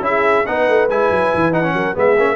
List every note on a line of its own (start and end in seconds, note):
0.00 0.43 C#4
0.00 0.45 E4
0.00 0.46 E5
0.06 0.47 G#4
0.46 0.68 B3
0.46 0.89 D#4
0.46 1.75 B4
0.46 0.89 F#5
0.68 0.89 A3
0.89 1.10 G#3
0.89 1.53 E4
0.89 1.53 G#5
1.11 1.32 F#3
1.34 1.73 E3
1.53 1.63 D#4
1.53 1.96 F#5
1.63 1.95 C#4
1.73 1.95 F#3
1.73 1.96 A#4
1.95 2.17 G#3
1.95 2.16 B3
1.95 2.36 G#4
1.95 2.36 E5
2.17 2.36 A#3
2.17 2.36 C#4